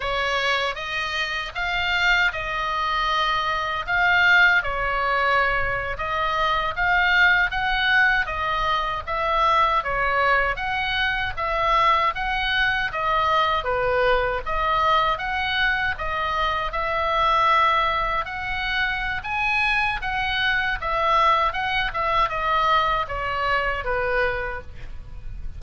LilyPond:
\new Staff \with { instrumentName = "oboe" } { \time 4/4 \tempo 4 = 78 cis''4 dis''4 f''4 dis''4~ | dis''4 f''4 cis''4.~ cis''16 dis''16~ | dis''8. f''4 fis''4 dis''4 e''16~ | e''8. cis''4 fis''4 e''4 fis''16~ |
fis''8. dis''4 b'4 dis''4 fis''16~ | fis''8. dis''4 e''2 fis''16~ | fis''4 gis''4 fis''4 e''4 | fis''8 e''8 dis''4 cis''4 b'4 | }